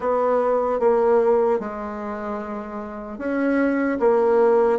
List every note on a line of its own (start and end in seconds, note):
0.00 0.79 B3
0.79 1.59 A#3
1.59 3.18 G#3
3.18 3.98 C#4
3.99 4.79 A#3